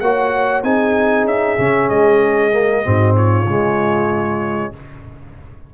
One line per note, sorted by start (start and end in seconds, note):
0.00 0.63 A#3
0.00 0.63 F#4
0.00 0.64 C#5
0.00 0.63 F#5
0.63 1.24 C4
0.63 1.58 D#4
0.63 2.85 G#4
0.63 1.27 G#5
1.24 1.56 C#4
1.24 1.89 E5
1.58 1.90 C#3
1.58 2.51 C#4
1.89 2.85 G#3
1.89 3.16 D#5
2.51 2.83 A#3
2.83 3.46 G#2
2.83 3.46 C4
2.83 3.15 F#4
3.15 4.73 F4
3.15 4.74 C#5
3.46 4.72 C#3
3.46 4.73 G#3